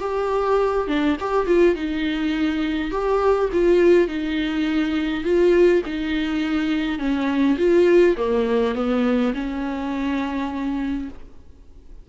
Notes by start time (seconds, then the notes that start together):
0.00 G4
0.87 D4
1.20 G4
1.46 F4
1.75 D#4
2.91 G4
3.52 F4
4.08 D#4
5.24 F4
5.86 D#4
6.99 C#4
7.58 F4
8.17 A#3
8.75 B3
9.34 C#4